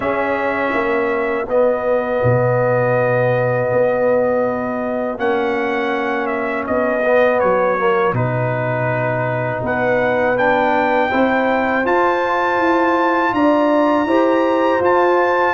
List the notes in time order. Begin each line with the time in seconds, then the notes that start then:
0.00 C#4 G#4 E5
0.73 A#3 F#4
1.47 B3 D#5
2.23 B2
3.72 B3
5.18 A#3 C#4 F#5
6.26 E5
6.66 B3 D#5
7.04 B3
7.39 F#3 C#5
7.78 A#3
8.12 B2 D#4 B4
9.62 B3 B4 F#5
10.37 D4 G5
11.09 C4 E4 C5
11.85 F4 A5
12.58 E4
13.32 D4 D5 A#5
14.05 E4 G4 C5
14.80 F4 A5